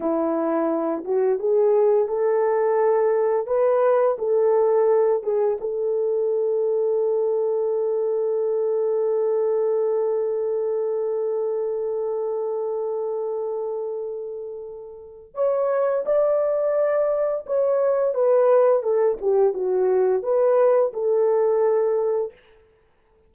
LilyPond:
\new Staff \with { instrumentName = "horn" } { \time 4/4 \tempo 4 = 86 e'4. fis'8 gis'4 a'4~ | a'4 b'4 a'4. gis'8 | a'1~ | a'1~ |
a'1~ | a'2 cis''4 d''4~ | d''4 cis''4 b'4 a'8 g'8 | fis'4 b'4 a'2 | }